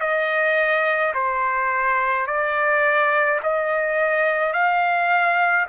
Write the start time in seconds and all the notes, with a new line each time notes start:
0.00 D#5
1.14 C5
2.26 D5
3.43 D#5
4.53 F5